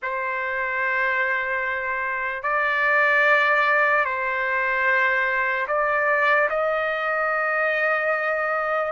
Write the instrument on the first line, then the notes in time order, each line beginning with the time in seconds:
trumpet
0.02 C5
2.42 D5
4.04 C5
5.68 D5
6.49 D#5